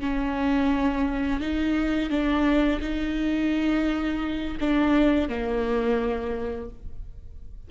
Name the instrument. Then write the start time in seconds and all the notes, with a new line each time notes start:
viola
0.00 C#4
1.40 D#4
2.10 D4
2.81 D#4
4.60 D4
5.29 A#3